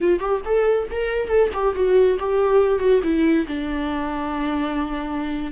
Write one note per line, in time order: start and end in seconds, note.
0.00 0.19 F4
0.19 0.41 G4
0.45 0.88 A4
0.90 1.28 A#4
1.28 1.49 A4
1.53 1.74 G4
1.74 2.18 F#4
2.19 2.79 G4
2.79 3.01 F#4
3.03 3.46 E4
3.47 5.52 D4